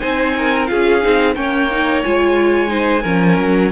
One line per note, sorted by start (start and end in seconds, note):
0.00 0.71 C4
0.00 0.67 D#4
0.00 0.35 C5
0.00 0.67 G#5
0.37 0.71 A#4
0.67 1.05 C#4
0.67 1.02 F4
0.67 1.37 G#4
0.67 1.35 F5
1.02 1.37 C4
1.02 1.36 D#4
1.35 2.04 A#3
1.35 1.70 C#4
1.35 2.71 C#5
1.35 2.03 G5
1.71 2.05 D#4
2.04 3.05 G#3
2.04 2.68 F4
2.04 3.72 G#5
2.68 3.02 D#4
2.68 3.03 C5
3.03 3.39 F3
3.03 3.72 C#4
3.03 3.70 A#4
3.39 3.72 F#3